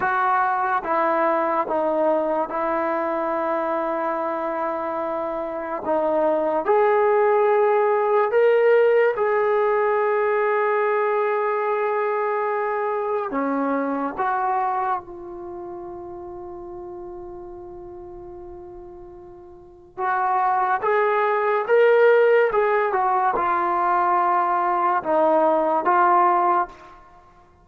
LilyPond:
\new Staff \with { instrumentName = "trombone" } { \time 4/4 \tempo 4 = 72 fis'4 e'4 dis'4 e'4~ | e'2. dis'4 | gis'2 ais'4 gis'4~ | gis'1 |
cis'4 fis'4 f'2~ | f'1 | fis'4 gis'4 ais'4 gis'8 fis'8 | f'2 dis'4 f'4 | }